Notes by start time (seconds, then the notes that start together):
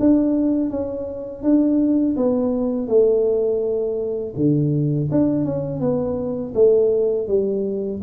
0.00 D4
0.71 C#4
1.43 D4
2.17 B3
2.88 A3
4.36 D3
5.12 D4
5.45 C#4
5.81 B3
6.55 A3
7.28 G3